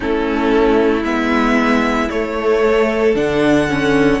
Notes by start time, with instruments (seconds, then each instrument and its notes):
0.00 cello A3, viola C#4, violin E4 A4
1.04 cello G#3, viola B3, violin E5
2.10 cello A3, viola A3, violin C#5
2.66 violin A4
3.14 cello D3, viola D4, violin F#5
3.69 viola C#4